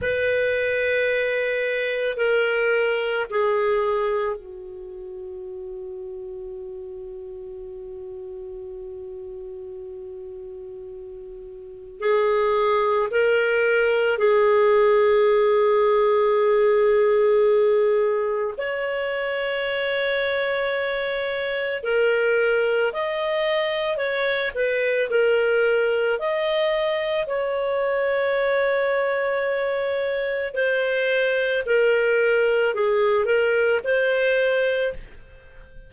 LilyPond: \new Staff \with { instrumentName = "clarinet" } { \time 4/4 \tempo 4 = 55 b'2 ais'4 gis'4 | fis'1~ | fis'2. gis'4 | ais'4 gis'2.~ |
gis'4 cis''2. | ais'4 dis''4 cis''8 b'8 ais'4 | dis''4 cis''2. | c''4 ais'4 gis'8 ais'8 c''4 | }